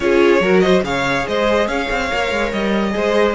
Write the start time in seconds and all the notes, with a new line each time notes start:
0.00 C#4 F4 G#4 C#5
0.40 F#3 F#4 A#4
0.60 C5 D#5
0.82 C#3 G#4 C#5 F5
1.27 G#3 C5 D#5
1.67 C#4 C#5 F5
1.90 C4
2.11 A#3 A#4
2.31 G#3
2.52 G3 D#5
2.90 G#3 G#4 C5